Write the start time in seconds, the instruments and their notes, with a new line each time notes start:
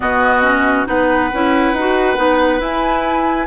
0.00 bassoon B2, clarinet B3, oboe F#4, flute D#5
0.43 clarinet C#4
0.86 bassoon B3, clarinet D#4, oboe B4, flute F#5
1.33 bassoon C#4, clarinet E4
1.72 bassoon D#4, clarinet F#4
2.16 bassoon B3, clarinet D#4
2.59 clarinet E4, bassoon E4, flute G#5